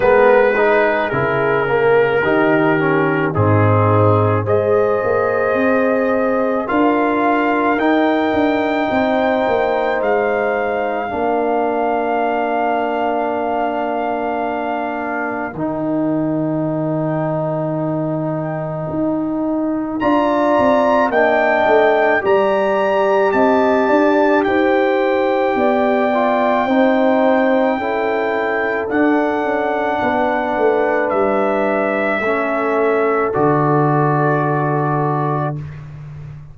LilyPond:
<<
  \new Staff \with { instrumentName = "trumpet" } { \time 4/4 \tempo 4 = 54 b'4 ais'2 gis'4 | dis''2 f''4 g''4~ | g''4 f''2.~ | f''2 g''2~ |
g''2 ais''4 g''4 | ais''4 a''4 g''2~ | g''2 fis''2 | e''2 d''2 | }
  \new Staff \with { instrumentName = "horn" } { \time 4/4 ais'8 gis'4. g'4 dis'4 | c''2 ais'2 | c''2 ais'2~ | ais'1~ |
ais'2 d''4 dis''4 | d''4 dis''8 d''8 c''4 d''4 | c''4 a'2 b'4~ | b'4 a'2. | }
  \new Staff \with { instrumentName = "trombone" } { \time 4/4 b8 dis'8 e'8 ais8 dis'8 cis'8 c'4 | gis'2 f'4 dis'4~ | dis'2 d'2~ | d'2 dis'2~ |
dis'2 f'4 d'4 | g'2.~ g'8 f'8 | dis'4 e'4 d'2~ | d'4 cis'4 fis'2 | }
  \new Staff \with { instrumentName = "tuba" } { \time 4/4 gis4 cis4 dis4 gis,4 | gis8 ais8 c'4 d'4 dis'8 d'8 | c'8 ais8 gis4 ais2~ | ais2 dis2~ |
dis4 dis'4 d'8 c'8 ais8 a8 | g4 c'8 d'8 dis'4 b4 | c'4 cis'4 d'8 cis'8 b8 a8 | g4 a4 d2 | }
>>